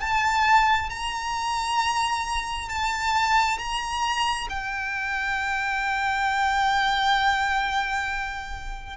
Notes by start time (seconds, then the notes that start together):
0.00 A5
0.90 A#5
2.69 A5
3.58 A#5
4.49 G5